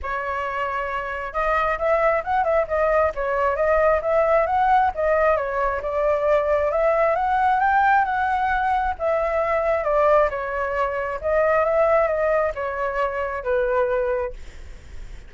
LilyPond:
\new Staff \with { instrumentName = "flute" } { \time 4/4 \tempo 4 = 134 cis''2. dis''4 | e''4 fis''8 e''8 dis''4 cis''4 | dis''4 e''4 fis''4 dis''4 | cis''4 d''2 e''4 |
fis''4 g''4 fis''2 | e''2 d''4 cis''4~ | cis''4 dis''4 e''4 dis''4 | cis''2 b'2 | }